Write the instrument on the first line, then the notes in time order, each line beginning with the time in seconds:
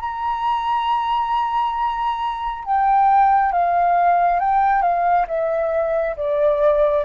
flute
0.00 A#5
2.65 G5
3.52 F5
4.40 G5
4.82 F5
5.28 E5
6.16 D5